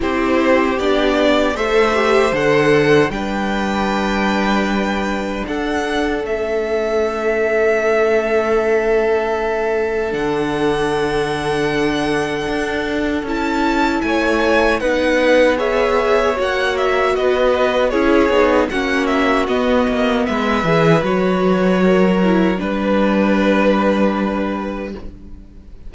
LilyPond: <<
  \new Staff \with { instrumentName = "violin" } { \time 4/4 \tempo 4 = 77 c''4 d''4 e''4 fis''4 | g''2. fis''4 | e''1~ | e''4 fis''2.~ |
fis''4 a''4 gis''4 fis''4 | e''4 fis''8 e''8 dis''4 cis''4 | fis''8 e''8 dis''4 e''4 cis''4~ | cis''4 b'2. | }
  \new Staff \with { instrumentName = "violin" } { \time 4/4 g'2 c''2 | b'2. a'4~ | a'1~ | a'1~ |
a'2 cis''4 b'4 | cis''2 b'4 gis'4 | fis'2 b'2 | ais'4 b'2. | }
  \new Staff \with { instrumentName = "viola" } { \time 4/4 e'4 d'4 a'8 g'8 a'4 | d'1 | cis'1~ | cis'4 d'2.~ |
d'4 e'2 dis'4 | gis'4 fis'2 e'8 dis'8 | cis'4 b4. gis'8 fis'4~ | fis'8 e'8 d'2. | }
  \new Staff \with { instrumentName = "cello" } { \time 4/4 c'4 b4 a4 d4 | g2. d'4 | a1~ | a4 d2. |
d'4 cis'4 a4 b4~ | b4 ais4 b4 cis'8 b8 | ais4 b8 ais8 gis8 e8 fis4~ | fis4 g2. | }
>>